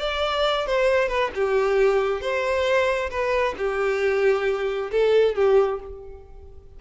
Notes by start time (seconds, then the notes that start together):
0.00 D5
0.67 C5
1.09 B4
1.35 G4
2.22 C5
3.11 B4
3.58 G4
4.92 A4
5.35 G4